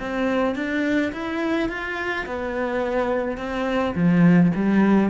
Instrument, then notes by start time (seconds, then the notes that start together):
cello
0.00 C4
0.56 D4
1.13 E4
1.69 F4
2.26 B3
3.38 C4
3.95 F3
4.55 G3